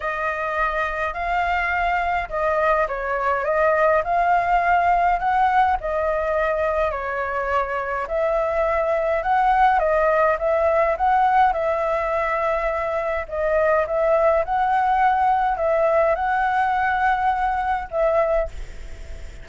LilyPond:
\new Staff \with { instrumentName = "flute" } { \time 4/4 \tempo 4 = 104 dis''2 f''2 | dis''4 cis''4 dis''4 f''4~ | f''4 fis''4 dis''2 | cis''2 e''2 |
fis''4 dis''4 e''4 fis''4 | e''2. dis''4 | e''4 fis''2 e''4 | fis''2. e''4 | }